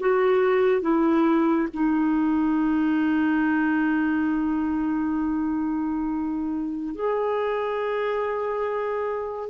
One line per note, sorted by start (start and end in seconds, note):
0.00 0.81 F#4
0.81 1.68 E4
1.74 6.95 D#4
6.95 9.50 G#4